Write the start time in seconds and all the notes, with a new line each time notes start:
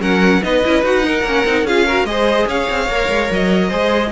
0.00 F#3 C#4 A#4 F#5
0.43 B3 D#4 B4 D#5
0.65 C#4 E4
0.83 D#4 F#4 F#5
1.03 D#4 A#4
1.23 A#3 C#4
1.45 C4 D#4
1.63 C#4 F4 G#4 F5
1.86 F#4 A#4
2.04 G#3 G#4 D#5
2.10 C5
2.47 C#4 C#5 F5
2.70 C4
2.88 A#3 A#4
3.09 G#3
3.31 F#3 D#5
3.68 G#3 G#4 C5